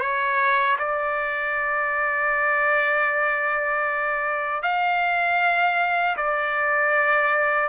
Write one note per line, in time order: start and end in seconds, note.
0.00 0.77 C#5
0.78 4.62 D5
4.62 6.16 F5
6.16 7.69 D5